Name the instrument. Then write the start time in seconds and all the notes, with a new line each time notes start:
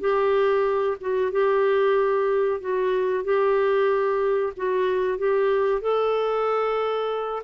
clarinet
0.00 G4
1.00 F#4
1.31 G4
2.60 F#4
3.24 G4
4.56 F#4
5.18 G4
5.81 A4